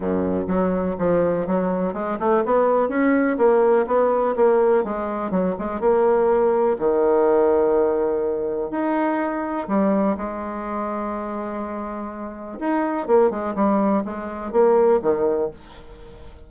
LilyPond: \new Staff \with { instrumentName = "bassoon" } { \time 4/4 \tempo 4 = 124 fis,4 fis4 f4 fis4 | gis8 a8 b4 cis'4 ais4 | b4 ais4 gis4 fis8 gis8 | ais2 dis2~ |
dis2 dis'2 | g4 gis2.~ | gis2 dis'4 ais8 gis8 | g4 gis4 ais4 dis4 | }